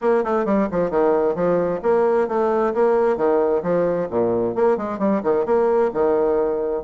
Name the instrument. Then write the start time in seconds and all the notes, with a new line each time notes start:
bassoon
0.01 A#3
0.24 A3
0.45 G3
0.71 F3
0.90 D#3
1.35 F3
1.82 A#3
2.28 A3
2.74 A#3
3.17 D#3
3.62 F3
4.10 A#2
4.55 A#3
4.77 G#3
4.99 G3
5.23 D#3
5.45 A#3
5.93 D#3